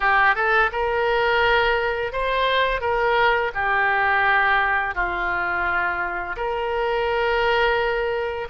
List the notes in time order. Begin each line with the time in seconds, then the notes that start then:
0.00 G4
0.35 A4
0.72 A#4
2.12 C5
2.80 A#4
3.54 G4
4.94 F4
6.36 A#4